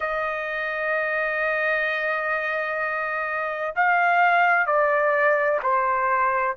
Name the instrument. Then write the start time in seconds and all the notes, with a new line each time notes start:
trumpet
0.00 D#5
3.75 F5
4.66 D5
5.62 C5